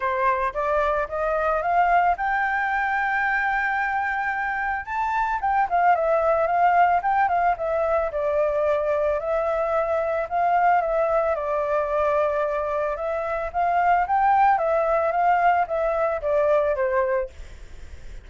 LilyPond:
\new Staff \with { instrumentName = "flute" } { \time 4/4 \tempo 4 = 111 c''4 d''4 dis''4 f''4 | g''1~ | g''4 a''4 g''8 f''8 e''4 | f''4 g''8 f''8 e''4 d''4~ |
d''4 e''2 f''4 | e''4 d''2. | e''4 f''4 g''4 e''4 | f''4 e''4 d''4 c''4 | }